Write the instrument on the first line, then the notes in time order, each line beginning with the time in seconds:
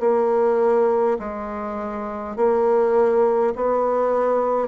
bassoon
0.00 A#3
1.19 G#3
2.36 A#3
3.55 B3